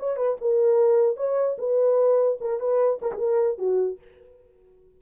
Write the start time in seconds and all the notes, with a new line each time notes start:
0.00 C#5
0.17 B4
0.41 A#4
1.17 C#5
1.59 B4
2.41 A#4
2.60 B4
3.02 A#4
3.13 G#4
3.19 A#4
3.59 F#4